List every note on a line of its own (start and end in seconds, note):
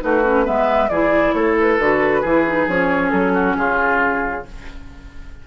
0.00 0.48 A3
0.00 0.22 D#4
0.00 0.45 F#4
0.00 0.47 B4
0.24 0.45 C#4
0.45 0.90 G#3
0.45 0.89 B3
0.45 0.90 B4
0.45 0.89 E5
0.89 1.34 E3
0.89 1.80 E4
0.89 1.35 G#4
0.89 1.34 D5
1.34 1.79 A3
1.34 2.21 A4
1.34 1.56 C#5
1.61 2.69 B4
1.79 2.24 D3
1.79 2.25 F#4
2.21 2.68 E3
2.21 2.47 E4
2.21 3.33 G#4
2.48 2.69 D#4
2.68 3.12 F3
2.68 4.47 C#4
2.68 3.10 C#5
3.10 3.57 F#3
3.10 3.55 A4
3.34 3.56 F#4
3.57 4.46 C#3
3.57 4.47 F4
3.57 4.45 G#4